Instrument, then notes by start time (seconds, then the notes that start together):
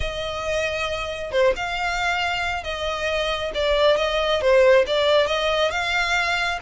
violin
0.00 D#5
1.31 C5
1.56 F5
2.63 D#5
3.54 D5
3.97 D#5
4.41 C5
4.86 D5
5.26 D#5
5.71 F5